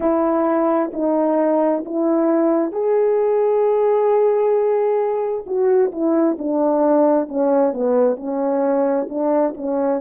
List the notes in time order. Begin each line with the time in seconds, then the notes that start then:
0.00 E4
0.93 D#4
1.85 E4
2.72 G#4
5.46 F#4
5.91 E4
6.38 D4
7.28 C#4
7.73 B3
8.16 C#4
9.09 D4
9.56 C#4